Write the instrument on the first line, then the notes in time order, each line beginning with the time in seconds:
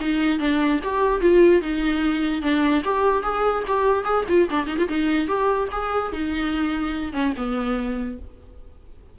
viola
0.00 D#4
0.39 D4
0.83 G4
1.21 F4
1.61 D#4
2.42 D4
2.84 G4
3.23 G#4
3.67 G4
4.04 G#4
4.28 F4
4.50 D4
4.67 D#4
4.78 F4
4.88 D#4
5.27 G4
5.71 G#4
6.12 D#4
7.12 C#4
7.36 B3